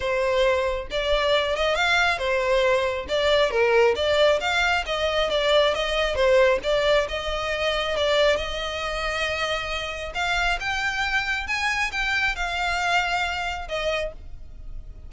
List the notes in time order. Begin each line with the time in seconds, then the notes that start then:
0.00 C5
0.90 D5
1.55 D#5
1.75 F5
2.18 C5
3.08 D5
3.50 A#4
3.95 D5
4.40 F5
4.86 D#5
5.30 D5
5.74 D#5
6.15 C5
6.63 D5
7.08 D#5
7.96 D5
8.36 D#5
10.14 F5
10.60 G5
11.47 G#5
11.91 G5
12.35 F5
13.68 D#5